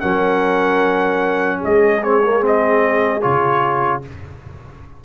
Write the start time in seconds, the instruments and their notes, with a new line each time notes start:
0.00 tuba F#3, trombone C#4, horn A#4, trumpet F#5
1.59 tuba G#3, horn G#4, trumpet D#5
2.02 trombone C4, trumpet C#5
2.23 trombone A#3
2.41 trombone C4
2.47 trumpet D#5
3.22 tuba C#3, trombone F4, trumpet C#5